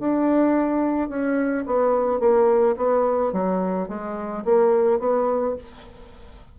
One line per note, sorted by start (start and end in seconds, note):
0.00 1.09 D4
1.09 1.65 C#4
1.66 2.20 B3
2.20 2.76 A#3
2.77 3.33 B3
3.33 3.88 F#3
3.88 4.45 G#3
4.45 5.00 A#3
5.00 5.56 B3